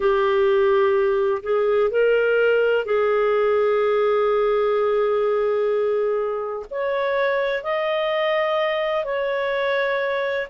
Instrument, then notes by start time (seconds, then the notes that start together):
clarinet
0.00 G4
1.42 G#4
1.90 A#4
2.85 G#4
6.70 C#5
7.63 D#5
9.04 C#5